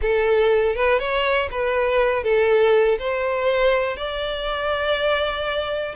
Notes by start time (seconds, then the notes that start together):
0.01 A4
0.75 B4
0.99 C#5
1.51 B4
2.23 A4
2.98 C5
3.97 D5